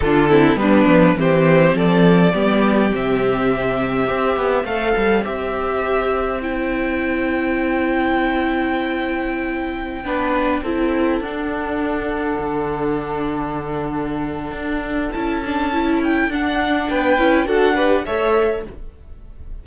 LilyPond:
<<
  \new Staff \with { instrumentName = "violin" } { \time 4/4 \tempo 4 = 103 a'4 b'4 c''4 d''4~ | d''4 e''2. | f''4 e''2 g''4~ | g''1~ |
g''2.~ g''16 fis''8.~ | fis''1~ | fis''2 a''4. g''8 | fis''4 g''4 fis''4 e''4 | }
  \new Staff \with { instrumentName = "violin" } { \time 4/4 f'8 e'8 d'4 g'4 a'4 | g'2. c''4~ | c''1~ | c''1~ |
c''4~ c''16 b'4 a'4.~ a'16~ | a'1~ | a'1~ | a'4 b'4 a'8 b'8 cis''4 | }
  \new Staff \with { instrumentName = "viola" } { \time 4/4 d'8 c'8 b4 c'2 | b4 c'2 g'4 | a'4 g'2 e'4~ | e'1~ |
e'4~ e'16 d'4 e'4 d'8.~ | d'1~ | d'2 e'8 d'8 e'4 | d'4. e'8 fis'8 g'8 a'4 | }
  \new Staff \with { instrumentName = "cello" } { \time 4/4 d4 g8 f8 e4 f4 | g4 c2 c'8 b8 | a8 g8 c'2.~ | c'1~ |
c'4~ c'16 b4 c'4 d'8.~ | d'4~ d'16 d2~ d8.~ | d4 d'4 cis'2 | d'4 b8 cis'8 d'4 a4 | }
>>